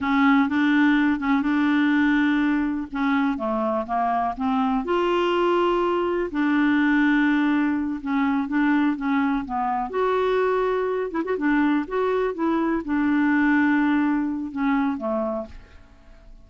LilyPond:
\new Staff \with { instrumentName = "clarinet" } { \time 4/4 \tempo 4 = 124 cis'4 d'4. cis'8 d'4~ | d'2 cis'4 a4 | ais4 c'4 f'2~ | f'4 d'2.~ |
d'8 cis'4 d'4 cis'4 b8~ | b8 fis'2~ fis'8 e'16 fis'16 d'8~ | d'8 fis'4 e'4 d'4.~ | d'2 cis'4 a4 | }